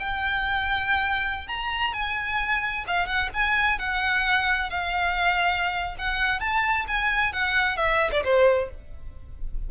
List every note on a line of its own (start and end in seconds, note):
0.00 1.48 G5
1.48 1.94 A#5
1.94 2.85 G#5
2.88 3.07 F5
3.07 3.30 F#5
3.34 3.79 G#5
3.79 4.70 F#5
4.70 5.96 F5
5.99 6.40 F#5
6.40 6.86 A5
6.88 7.33 G#5
7.33 7.77 F#5
7.77 8.11 E5
8.12 8.24 D5
8.25 8.70 C5